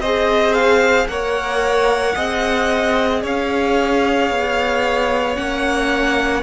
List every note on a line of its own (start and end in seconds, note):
0.00 1.07 C4
0.00 1.08 G#4
0.00 1.08 C5
0.00 0.54 D#5
0.54 1.07 F5
1.08 2.15 A#3
1.08 2.15 A#4
1.08 2.16 C#5
1.08 3.23 F#5
2.16 3.24 C4
2.16 5.35 G#4
2.16 3.23 D#5
3.23 4.31 C#4
3.23 6.43 C#5
3.23 5.36 F5
4.31 5.38 B3
5.35 6.43 A#3
5.35 6.42 C#4
5.35 6.43 F#5